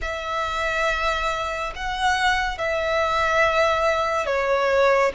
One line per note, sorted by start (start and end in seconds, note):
0.01 1.73 E5
1.75 2.58 F#5
2.58 4.26 E5
4.26 5.12 C#5